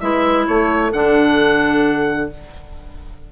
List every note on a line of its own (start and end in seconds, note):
0.00 0.47 G#3
0.00 0.92 E4
0.00 0.48 B4
0.00 0.46 E5
0.47 0.93 A3
0.47 2.32 A4
0.47 0.93 C#5
0.93 2.30 D3
0.93 2.30 D4
0.93 2.30 F#5